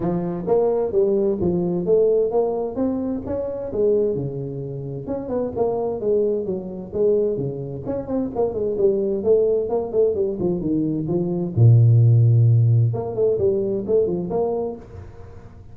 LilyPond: \new Staff \with { instrumentName = "tuba" } { \time 4/4 \tempo 4 = 130 f4 ais4 g4 f4 | a4 ais4 c'4 cis'4 | gis4 cis2 cis'8 b8 | ais4 gis4 fis4 gis4 |
cis4 cis'8 c'8 ais8 gis8 g4 | a4 ais8 a8 g8 f8 dis4 | f4 ais,2. | ais8 a8 g4 a8 f8 ais4 | }